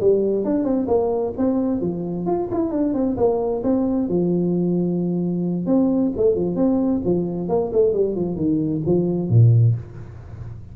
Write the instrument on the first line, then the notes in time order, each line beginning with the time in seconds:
tuba
0.00 G3
0.44 D4
0.64 C4
0.87 A#3
1.37 C4
1.81 F3
2.26 F4
2.51 E4
2.71 D4
2.94 C4
3.17 A#3
3.63 C4
4.09 F3
5.66 C4
6.17 A3
6.35 F3
6.56 C4
7.04 F3
7.49 A#3
7.73 A3
7.93 G3
8.15 F3
8.36 D#3
8.86 F3
9.29 A#2